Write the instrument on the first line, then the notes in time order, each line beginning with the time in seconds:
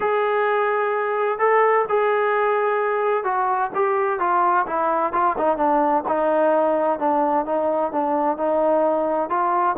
trombone
0.00 G#4
1.38 A4
1.88 G#4
3.23 F#4
3.74 G4
4.19 F4
4.66 E4
5.12 F4
5.37 D#4
5.57 D4
6.08 D#4
6.99 D4
7.45 D#4
7.92 D4
8.37 D#4
9.29 F4